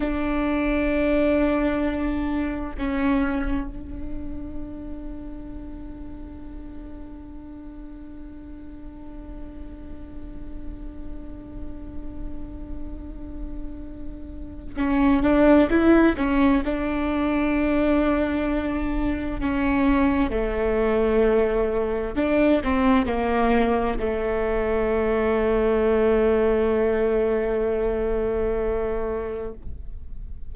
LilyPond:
\new Staff \with { instrumentName = "viola" } { \time 4/4 \tempo 4 = 65 d'2. cis'4 | d'1~ | d'1~ | d'1 |
cis'8 d'8 e'8 cis'8 d'2~ | d'4 cis'4 a2 | d'8 c'8 ais4 a2~ | a1 | }